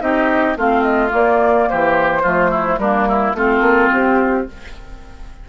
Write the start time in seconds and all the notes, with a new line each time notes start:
0.00 C4 D#4 G4 D#5
0.57 A3 C4 F4 F5
0.83 D#5
1.09 A#3 D5
1.69 E3 G4 C5
2.23 F3 A3 F4
2.51 E4
2.78 G3 A#3 D4 A#4
3.09 E4
3.34 A3 C4 F4 A4
3.61 A#3
3.93 C4 G4